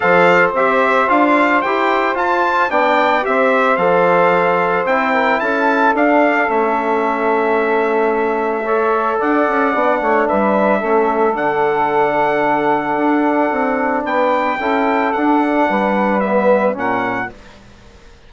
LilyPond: <<
  \new Staff \with { instrumentName = "trumpet" } { \time 4/4 \tempo 4 = 111 f''4 e''4 f''4 g''4 | a''4 g''4 e''4 f''4~ | f''4 g''4 a''4 f''4 | e''1~ |
e''4 fis''2 e''4~ | e''4 fis''2.~ | fis''2 g''2 | fis''2 e''4 fis''4 | }
  \new Staff \with { instrumentName = "saxophone" } { \time 4/4 c''1~ | c''4 d''4 c''2~ | c''4. ais'8 a'2~ | a'1 |
cis''4 d''4. cis''8 b'4 | a'1~ | a'2 b'4 a'4~ | a'4 b'2 ais'4 | }
  \new Staff \with { instrumentName = "trombone" } { \time 4/4 a'4 g'4 f'4 g'4 | f'4 d'4 g'4 a'4~ | a'4 e'2 d'4 | cis'1 |
a'2 d'2 | cis'4 d'2.~ | d'2. e'4 | d'2 b4 cis'4 | }
  \new Staff \with { instrumentName = "bassoon" } { \time 4/4 f4 c'4 d'4 e'4 | f'4 b4 c'4 f4~ | f4 c'4 cis'4 d'4 | a1~ |
a4 d'8 cis'8 b8 a8 g4 | a4 d2. | d'4 c'4 b4 cis'4 | d'4 g2 ais,4 | }
>>